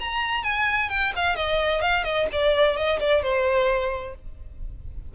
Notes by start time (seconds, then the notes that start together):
0.00 A#5
0.43 G#5
0.90 G5
1.16 F5
1.36 D#5
1.81 F5
2.04 D#5
2.32 D5
2.77 D#5
3.00 D5
3.22 C5